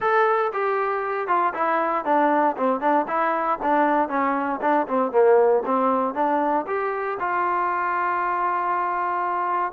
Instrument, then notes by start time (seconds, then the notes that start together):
trombone
0.00 A4
0.53 G4
1.27 F4
1.54 E4
2.04 D4
2.56 C4
2.80 D4
3.07 E4
3.62 D4
4.08 C#4
4.61 D4
4.87 C4
5.11 A#3
5.65 C4
6.14 D4
6.66 G4
7.19 F4